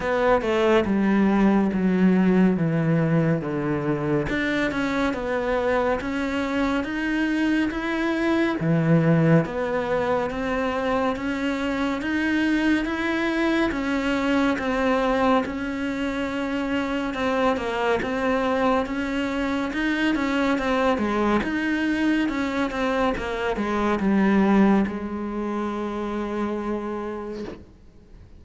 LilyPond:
\new Staff \with { instrumentName = "cello" } { \time 4/4 \tempo 4 = 70 b8 a8 g4 fis4 e4 | d4 d'8 cis'8 b4 cis'4 | dis'4 e'4 e4 b4 | c'4 cis'4 dis'4 e'4 |
cis'4 c'4 cis'2 | c'8 ais8 c'4 cis'4 dis'8 cis'8 | c'8 gis8 dis'4 cis'8 c'8 ais8 gis8 | g4 gis2. | }